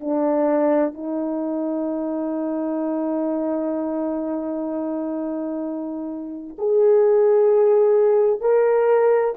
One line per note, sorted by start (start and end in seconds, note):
0.00 0.93 D4
0.93 6.56 D#4
6.58 8.40 G#4
8.40 9.34 A#4